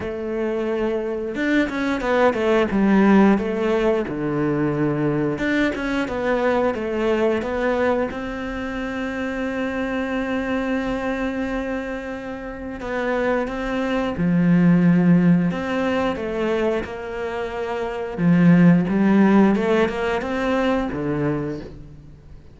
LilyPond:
\new Staff \with { instrumentName = "cello" } { \time 4/4 \tempo 4 = 89 a2 d'8 cis'8 b8 a8 | g4 a4 d2 | d'8 cis'8 b4 a4 b4 | c'1~ |
c'2. b4 | c'4 f2 c'4 | a4 ais2 f4 | g4 a8 ais8 c'4 d4 | }